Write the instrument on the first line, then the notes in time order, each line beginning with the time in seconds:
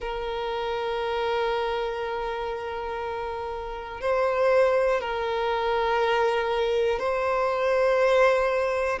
violin
0.00 A#4
4.00 C5
5.00 A#4
6.99 C5